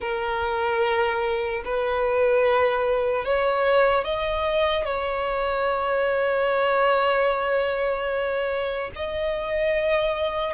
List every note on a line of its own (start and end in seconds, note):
0.00 1.63 A#4
1.64 3.24 B4
3.24 4.04 C#5
4.04 4.85 D#5
4.85 8.90 C#5
8.95 10.53 D#5